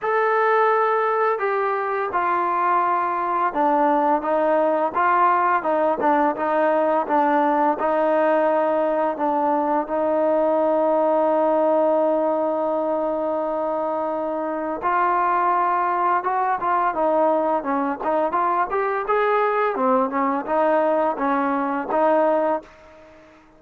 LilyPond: \new Staff \with { instrumentName = "trombone" } { \time 4/4 \tempo 4 = 85 a'2 g'4 f'4~ | f'4 d'4 dis'4 f'4 | dis'8 d'8 dis'4 d'4 dis'4~ | dis'4 d'4 dis'2~ |
dis'1~ | dis'4 f'2 fis'8 f'8 | dis'4 cis'8 dis'8 f'8 g'8 gis'4 | c'8 cis'8 dis'4 cis'4 dis'4 | }